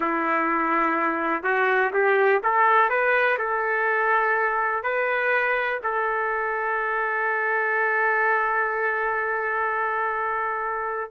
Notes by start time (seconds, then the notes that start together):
0.00 E4
1.43 F#4
1.93 G4
2.43 A4
2.89 B4
3.38 A4
4.83 B4
5.83 A4